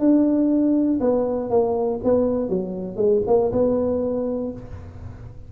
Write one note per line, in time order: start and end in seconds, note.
0.00 1.00 D4
1.01 1.50 B3
1.50 2.00 A#3
2.05 2.50 B3
2.50 2.97 F#3
2.97 3.22 G#3
3.27 3.52 A#3
3.52 4.52 B3